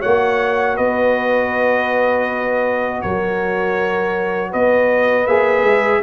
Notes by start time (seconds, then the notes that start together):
0.00 A#3 F#4 C#5 F#5
0.76 B3 B4 D#5
3.01 F#3 A#4 C#5
4.50 B3 B4 D#5
5.27 A#3 G#4 E5
5.63 G#3